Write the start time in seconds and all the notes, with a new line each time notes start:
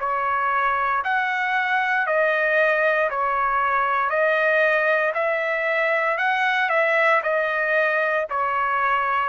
0.00 C#5
1.04 F#5
2.06 D#5
3.10 C#5
4.10 D#5
5.14 E5
6.18 F#5
6.70 E5
7.23 D#5
8.30 C#5